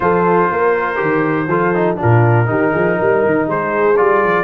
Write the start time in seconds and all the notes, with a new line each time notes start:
0.00 F3 F4 A4 C5
0.51 A#3 A#4
0.96 D#3 G4
1.47 F3 F4 A4
1.74 D#4
1.96 D4 F4 A#4
2.02 A#2
2.46 D#3 D#4 G4
2.71 F3 G#4
2.98 G3 A#4
3.25 D#3
3.46 G#3 G#4 C5
3.96 G3 F4 D5
4.23 F3